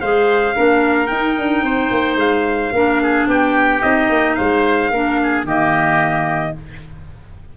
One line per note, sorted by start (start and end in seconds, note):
0.00 0.55 G#3
0.00 0.54 G#4
0.00 0.55 C5
0.00 1.07 F5
0.54 1.11 A#3
0.54 1.07 D4
0.54 1.64 A#4
1.07 2.71 D#4
1.07 1.38 D#4
1.07 2.16 G5
1.38 1.62 D4
1.62 1.89 C4
1.62 2.73 C5
1.90 2.15 A#3
2.15 2.70 G#3
2.15 3.28 F5
2.72 3.26 A#3
2.72 3.81 D4
2.72 3.02 A#4
3.02 3.28 G#4
3.27 3.81 B3
3.27 4.37 G4
3.27 3.82 G5
3.81 4.09 C4
3.81 4.90 D#4
3.81 4.35 D#5
4.09 4.36 A#3
4.35 4.90 G#3
4.35 4.91 C5
4.35 5.44 F5
4.90 5.44 A#3
4.90 5.46 D4
4.90 5.19 A#4
5.23 5.46 G#4
5.44 6.53 D#3
5.44 6.55 A#3
5.44 6.55 G4
5.44 6.57 D#5